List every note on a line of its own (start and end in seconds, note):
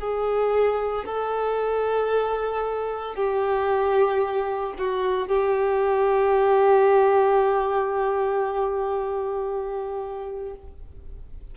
0.00 1.05 G#4
1.06 3.16 A4
3.16 4.74 G4
4.78 5.28 F#4
5.28 10.55 G4